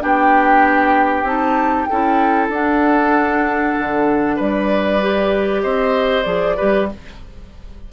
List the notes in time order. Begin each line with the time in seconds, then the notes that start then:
0.00 B3 D4 G4 G5
1.23 C4 D#4 A5
1.85 C#4 E4 A4 G5
2.49 D4 F#5
3.79 D3
4.36 G3 B4 D5
5.01 G4
5.61 C4 C5 D#5
6.23 F3 G#4 D5
6.56 G3 G4 B4